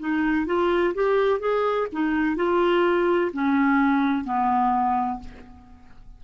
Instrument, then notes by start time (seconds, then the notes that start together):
clarinet
0.00 D#4
0.46 F4
0.95 G4
1.40 G#4
1.93 D#4
2.36 F4
3.33 C#4
4.25 B3